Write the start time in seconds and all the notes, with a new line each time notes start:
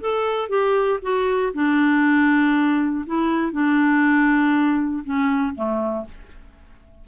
0.00 A4
0.49 G4
1.02 F#4
1.53 D4
3.06 E4
3.52 D4
5.04 C#4
5.55 A3